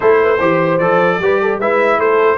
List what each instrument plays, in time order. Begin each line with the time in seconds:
0.00 tuba A3, trombone E4, horn A4, trumpet C5
0.21 horn B4
0.39 tuba E3, trombone G4, horn C5
0.78 tuba F3, trombone A4, trumpet D5
1.19 tuba G3, trombone G4, horn B4
1.41 horn A4
1.57 tuba G#3, trombone E4, horn B4, trumpet E5
1.97 tuba A3, horn A4, trumpet C5